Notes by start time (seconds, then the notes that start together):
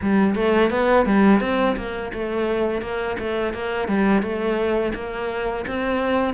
0.01 G3
0.35 A3
0.70 B3
1.06 G3
1.40 C4
1.76 A#3
2.13 A3
2.81 A#3
3.19 A3
3.53 A#3
3.88 G3
4.22 A3
4.94 A#3
5.67 C4